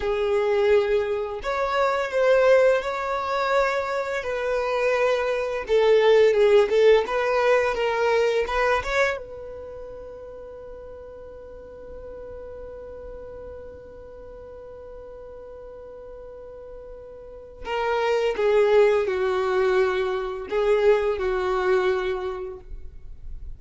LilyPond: \new Staff \with { instrumentName = "violin" } { \time 4/4 \tempo 4 = 85 gis'2 cis''4 c''4 | cis''2 b'2 | a'4 gis'8 a'8 b'4 ais'4 | b'8 cis''8 b'2.~ |
b'1~ | b'1~ | b'4 ais'4 gis'4 fis'4~ | fis'4 gis'4 fis'2 | }